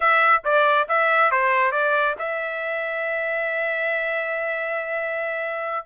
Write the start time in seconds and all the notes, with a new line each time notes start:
0.00 E5
0.44 D5
0.88 E5
1.31 C5
1.71 D5
2.18 E5